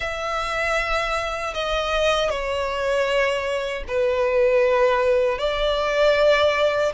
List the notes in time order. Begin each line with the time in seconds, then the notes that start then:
0.00 E5
1.54 D#5
2.29 C#5
3.87 B4
5.38 D5